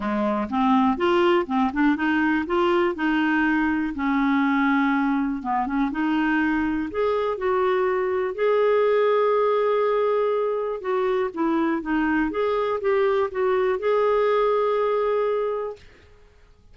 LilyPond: \new Staff \with { instrumentName = "clarinet" } { \time 4/4 \tempo 4 = 122 gis4 c'4 f'4 c'8 d'8 | dis'4 f'4 dis'2 | cis'2. b8 cis'8 | dis'2 gis'4 fis'4~ |
fis'4 gis'2.~ | gis'2 fis'4 e'4 | dis'4 gis'4 g'4 fis'4 | gis'1 | }